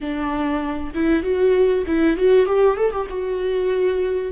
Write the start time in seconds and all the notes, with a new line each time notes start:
0.00 D4
0.94 E4
1.22 F#4
1.86 E4
2.16 F#4
2.45 G4
2.76 A4
2.91 G4
3.09 F#4